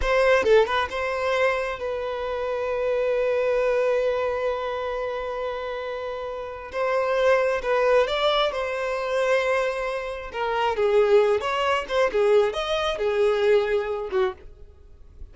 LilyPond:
\new Staff \with { instrumentName = "violin" } { \time 4/4 \tempo 4 = 134 c''4 a'8 b'8 c''2 | b'1~ | b'1~ | b'2. c''4~ |
c''4 b'4 d''4 c''4~ | c''2. ais'4 | gis'4. cis''4 c''8 gis'4 | dis''4 gis'2~ gis'8 fis'8 | }